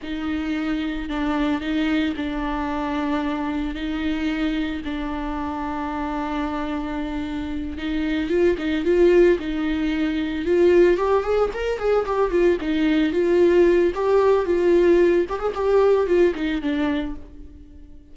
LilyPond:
\new Staff \with { instrumentName = "viola" } { \time 4/4 \tempo 4 = 112 dis'2 d'4 dis'4 | d'2. dis'4~ | dis'4 d'2.~ | d'2~ d'8 dis'4 f'8 |
dis'8 f'4 dis'2 f'8~ | f'8 g'8 gis'8 ais'8 gis'8 g'8 f'8 dis'8~ | dis'8 f'4. g'4 f'4~ | f'8 g'16 gis'16 g'4 f'8 dis'8 d'4 | }